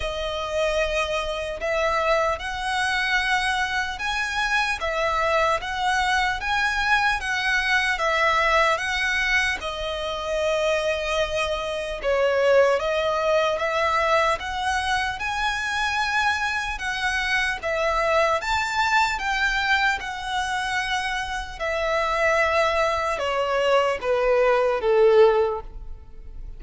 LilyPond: \new Staff \with { instrumentName = "violin" } { \time 4/4 \tempo 4 = 75 dis''2 e''4 fis''4~ | fis''4 gis''4 e''4 fis''4 | gis''4 fis''4 e''4 fis''4 | dis''2. cis''4 |
dis''4 e''4 fis''4 gis''4~ | gis''4 fis''4 e''4 a''4 | g''4 fis''2 e''4~ | e''4 cis''4 b'4 a'4 | }